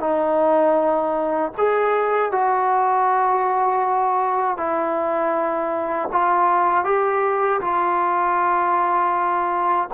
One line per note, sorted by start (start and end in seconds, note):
0.00 1.52 D#4
1.57 2.31 G#4
2.31 4.57 F#4
4.57 6.09 E4
6.12 6.84 F4
6.84 7.60 G4
7.61 9.89 F4